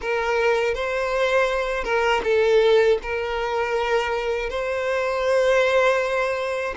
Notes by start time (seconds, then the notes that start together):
0.01 A#4
0.74 C5
1.84 A#4
2.23 A4
3.02 A#4
4.49 C5